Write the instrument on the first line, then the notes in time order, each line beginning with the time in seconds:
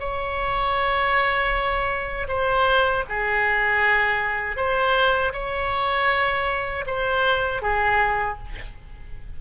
oboe
0.00 C#5
2.29 C5
3.09 G#4
4.57 C5
5.33 C#5
6.87 C5
7.62 G#4